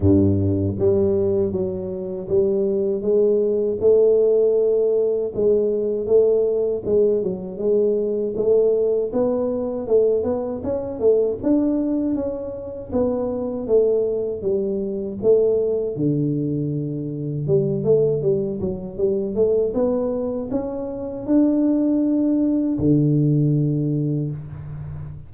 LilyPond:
\new Staff \with { instrumentName = "tuba" } { \time 4/4 \tempo 4 = 79 g,4 g4 fis4 g4 | gis4 a2 gis4 | a4 gis8 fis8 gis4 a4 | b4 a8 b8 cis'8 a8 d'4 |
cis'4 b4 a4 g4 | a4 d2 g8 a8 | g8 fis8 g8 a8 b4 cis'4 | d'2 d2 | }